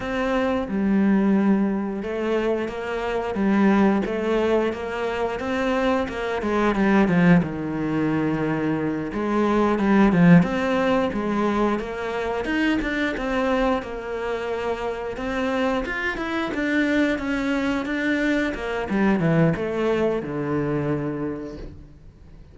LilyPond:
\new Staff \with { instrumentName = "cello" } { \time 4/4 \tempo 4 = 89 c'4 g2 a4 | ais4 g4 a4 ais4 | c'4 ais8 gis8 g8 f8 dis4~ | dis4. gis4 g8 f8 c'8~ |
c'8 gis4 ais4 dis'8 d'8 c'8~ | c'8 ais2 c'4 f'8 | e'8 d'4 cis'4 d'4 ais8 | g8 e8 a4 d2 | }